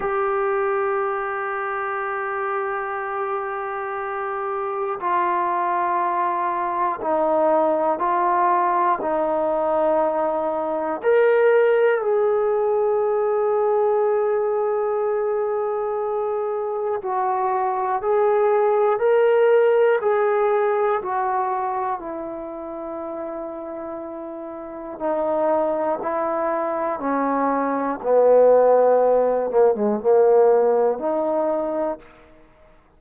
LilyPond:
\new Staff \with { instrumentName = "trombone" } { \time 4/4 \tempo 4 = 60 g'1~ | g'4 f'2 dis'4 | f'4 dis'2 ais'4 | gis'1~ |
gis'4 fis'4 gis'4 ais'4 | gis'4 fis'4 e'2~ | e'4 dis'4 e'4 cis'4 | b4. ais16 gis16 ais4 dis'4 | }